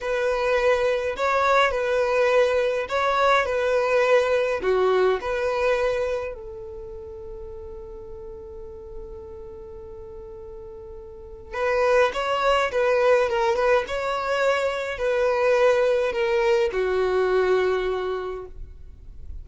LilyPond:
\new Staff \with { instrumentName = "violin" } { \time 4/4 \tempo 4 = 104 b'2 cis''4 b'4~ | b'4 cis''4 b'2 | fis'4 b'2 a'4~ | a'1~ |
a'1 | b'4 cis''4 b'4 ais'8 b'8 | cis''2 b'2 | ais'4 fis'2. | }